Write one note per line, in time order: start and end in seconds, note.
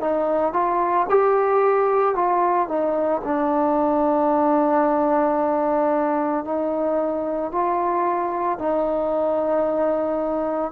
0.00 0.53 D#4
0.53 1.07 F4
1.09 2.15 G4
2.15 2.68 F4
2.68 3.22 D#4
3.24 6.45 D4
6.45 7.52 D#4
7.52 8.59 F4
8.59 10.72 D#4